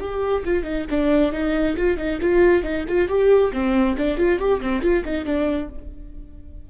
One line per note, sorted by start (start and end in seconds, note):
0.00 0.44 G4
0.44 0.63 F4
0.63 0.85 D#4
0.90 1.32 D4
1.32 1.76 D#4
1.77 1.97 F4
1.97 2.19 D#4
2.22 2.63 F4
2.63 2.85 D#4
2.88 3.08 F4
3.08 3.52 G4
3.52 3.96 C4
3.97 4.17 D4
4.17 4.39 F4
4.39 4.61 G4
4.61 4.82 C4
4.82 5.03 F4
5.04 5.25 D#4
5.25 5.69 D4